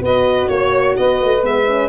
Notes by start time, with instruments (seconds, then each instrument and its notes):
0.00 tuba B3, horn F#4, saxophone B4, violin D#5
0.48 tuba A#3, violin C#5, saxophone C#5
0.96 tuba B3, saxophone B4, violin D#5
1.21 tuba A3
1.42 tuba G#3, horn B3, violin E5
1.67 horn C#4